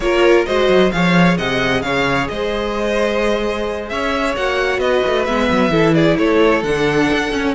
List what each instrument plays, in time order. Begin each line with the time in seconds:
0.00 cello A#3, viola F4, violin A#4 C#5
0.45 cello G#3, viola F#4, violin C5 D#5
0.68 cello F#3
0.91 cello F3, viola G#4, violin C#5 F5
1.37 cello C3, violin D#5 F#5
1.81 cello C#3, violin C#5 F5
2.28 cello G#3, violin C5 D#5
3.88 cello C#4, violin C#5 E5
4.36 cello A#3, viola F#4, violin F#5
4.78 cello B3, violin B4 D#5
5.06 cello A3
5.25 cello G#3, viola B3, violin E5
5.51 cello F#3
5.69 cello E3, viola E4, violin A4
5.94 violin G#4 D5
6.18 cello A3, violin A4 C#5
6.63 cello D3, viola D4, violin F#5
7.14 cello D4
7.32 cello C#4, viola C#4